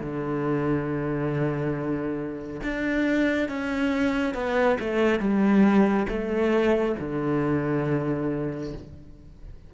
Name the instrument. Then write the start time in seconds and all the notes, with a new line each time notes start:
cello
0.00 D3
2.63 D4
3.49 C#4
4.34 B3
4.79 A3
5.19 G3
6.09 A3
6.99 D3